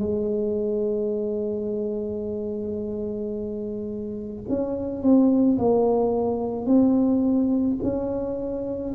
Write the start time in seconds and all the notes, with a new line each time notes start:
0.00 G#3
4.49 C#4
5.03 C4
5.59 A#3
6.67 C4
7.83 C#4